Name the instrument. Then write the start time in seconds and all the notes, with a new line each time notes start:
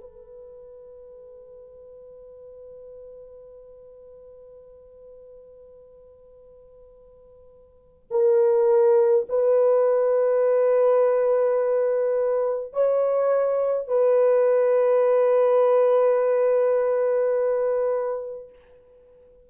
horn
0.00 B4
8.10 A#4
9.29 B4
12.72 C#5
13.88 B4